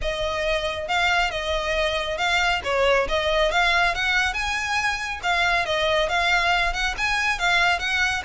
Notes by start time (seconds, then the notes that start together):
0.01 D#5
0.88 F5
1.30 D#5
2.17 F5
2.64 C#5
3.08 D#5
3.51 F5
3.94 F#5
4.33 G#5
5.23 F5
5.65 D#5
6.08 F5
6.73 F#5
6.97 G#5
7.39 F5
7.79 F#5